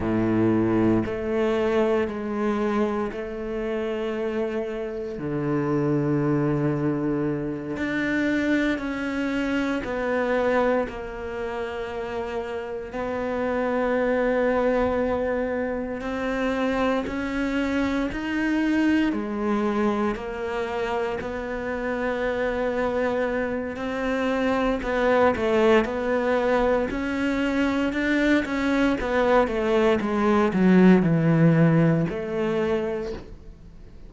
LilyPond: \new Staff \with { instrumentName = "cello" } { \time 4/4 \tempo 4 = 58 a,4 a4 gis4 a4~ | a4 d2~ d8 d'8~ | d'8 cis'4 b4 ais4.~ | ais8 b2. c'8~ |
c'8 cis'4 dis'4 gis4 ais8~ | ais8 b2~ b8 c'4 | b8 a8 b4 cis'4 d'8 cis'8 | b8 a8 gis8 fis8 e4 a4 | }